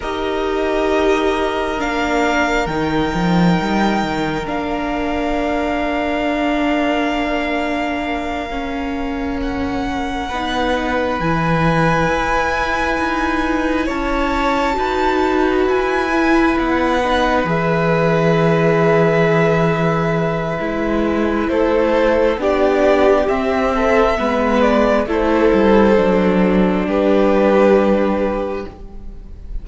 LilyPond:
<<
  \new Staff \with { instrumentName = "violin" } { \time 4/4 \tempo 4 = 67 dis''2 f''4 g''4~ | g''4 f''2.~ | f''2~ f''8 fis''4.~ | fis''8 gis''2. a''8~ |
a''4. gis''4 fis''4 e''8~ | e''1 | c''4 d''4 e''4. d''8 | c''2 b'2 | }
  \new Staff \with { instrumentName = "violin" } { \time 4/4 ais'1~ | ais'1~ | ais'2.~ ais'8 b'8~ | b'2.~ b'8 cis''8~ |
cis''8 b'2.~ b'8~ | b'1 | a'4 g'4. a'8 b'4 | a'2 g'2 | }
  \new Staff \with { instrumentName = "viola" } { \time 4/4 g'2 d'4 dis'4~ | dis'4 d'2.~ | d'4. cis'2 dis'8~ | dis'8 e'2.~ e'8~ |
e'8 fis'4. e'4 dis'8 gis'8~ | gis'2. e'4~ | e'4 d'4 c'4 b4 | e'4 d'2. | }
  \new Staff \with { instrumentName = "cello" } { \time 4/4 dis'2 ais4 dis8 f8 | g8 dis8 ais2.~ | ais2.~ ais8 b8~ | b8 e4 e'4 dis'4 cis'8~ |
cis'8 dis'4 e'4 b4 e8~ | e2. gis4 | a4 b4 c'4 gis4 | a8 g8 fis4 g2 | }
>>